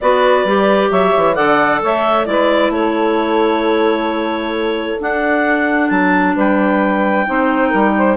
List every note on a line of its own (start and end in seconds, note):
0.00 0.44 B3
0.00 0.46 F#4
0.00 0.90 B4
0.00 0.91 D5
0.44 0.89 G3
0.44 1.34 G4
0.90 1.13 F#3
0.90 1.34 C#5
0.90 1.35 E5
1.16 1.37 E3
1.34 1.82 D3
1.34 2.25 A4
1.34 1.80 D5
1.34 1.80 F#5
1.82 2.27 A3
1.82 2.27 C#5
1.82 2.26 E5
2.25 2.69 G#3
2.25 4.98 E4
2.25 2.74 B4
2.25 2.71 D5
2.69 4.96 A3
2.69 6.35 A4
2.69 5.00 C#5
4.99 7.26 D4
4.99 5.90 D4
4.99 5.89 F#5
5.89 6.35 F#3
5.89 6.34 A5
6.35 7.26 G3
6.35 7.26 B4
6.35 8.16 G5
7.26 7.73 C4
7.26 8.16 D#4
7.26 7.68 C5
7.68 8.16 G3
7.68 7.91 A#4
7.97 8.16 C5